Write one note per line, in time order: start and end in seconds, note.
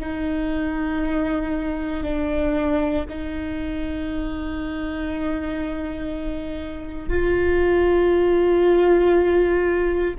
0.00 2.03 D#4
2.03 3.05 D4
3.09 7.09 D#4
7.09 10.14 F4